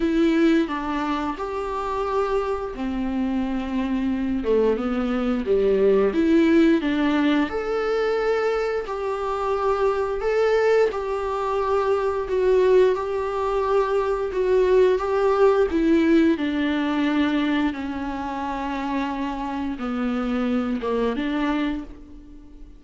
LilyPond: \new Staff \with { instrumentName = "viola" } { \time 4/4 \tempo 4 = 88 e'4 d'4 g'2 | c'2~ c'8 a8 b4 | g4 e'4 d'4 a'4~ | a'4 g'2 a'4 |
g'2 fis'4 g'4~ | g'4 fis'4 g'4 e'4 | d'2 cis'2~ | cis'4 b4. ais8 d'4 | }